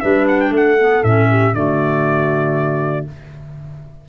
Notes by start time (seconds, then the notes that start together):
0.00 G3 D4 B4 E5
0.28 F#5
0.40 G5
0.50 A3 A4
0.56 F#5
0.79 B3
1.03 A2 C#4 E5
1.30 G4
1.53 D3 A3 F#4 D5